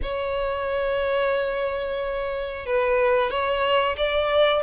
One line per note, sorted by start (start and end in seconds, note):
0.02 2.66 C#5
2.66 3.30 B4
3.30 3.96 C#5
3.97 4.62 D5